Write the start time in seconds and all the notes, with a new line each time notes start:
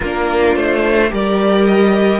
0.00 A#3 D4 F4 A#4
0.56 A3 C5
1.09 G3 G4 A#4 D5
1.66 D#5